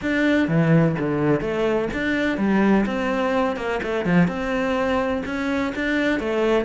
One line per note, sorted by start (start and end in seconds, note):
0.02 0.48 D4
0.48 0.95 E3
0.99 1.40 D3
1.40 1.88 A3
1.93 2.37 D4
2.37 2.85 G3
2.86 3.56 C4
3.56 3.80 A#3
3.82 4.05 A3
4.05 4.27 F3
4.27 5.23 C4
5.25 5.73 C#4
5.75 6.19 D4
6.19 6.64 A3